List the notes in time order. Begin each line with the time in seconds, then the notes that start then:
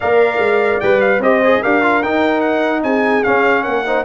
0.00 A#3 A#4 D5 F5
0.38 G#3
0.80 G3 B4 G5
1.00 F5
1.19 C4 G4 C5 D#5
1.43 G#4
1.61 D4 G4 A#4 F5
1.82 F4
2.02 D#4 G5
2.40 F#5
2.83 C4 G#4 G#5
3.23 C#4 F5
3.63 A#3 A#4 F#5
3.86 D#4 C5